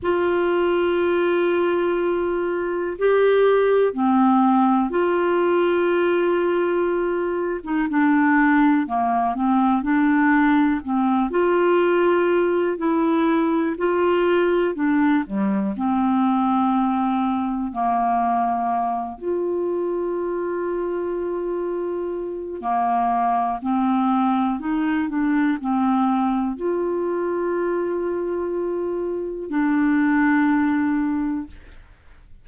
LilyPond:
\new Staff \with { instrumentName = "clarinet" } { \time 4/4 \tempo 4 = 61 f'2. g'4 | c'4 f'2~ f'8. dis'16 | d'4 ais8 c'8 d'4 c'8 f'8~ | f'4 e'4 f'4 d'8 g8 |
c'2 ais4. f'8~ | f'2. ais4 | c'4 dis'8 d'8 c'4 f'4~ | f'2 d'2 | }